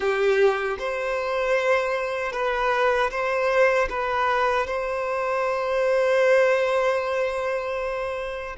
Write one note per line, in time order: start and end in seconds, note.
0.00 0.77 G4
0.79 2.32 C5
2.32 3.10 B4
3.10 3.88 C5
3.89 4.66 B4
4.66 8.56 C5